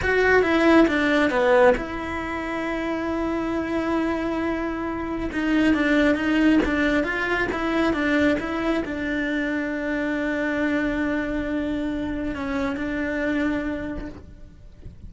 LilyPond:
\new Staff \with { instrumentName = "cello" } { \time 4/4 \tempo 4 = 136 fis'4 e'4 d'4 b4 | e'1~ | e'1 | dis'4 d'4 dis'4 d'4 |
f'4 e'4 d'4 e'4 | d'1~ | d'1 | cis'4 d'2. | }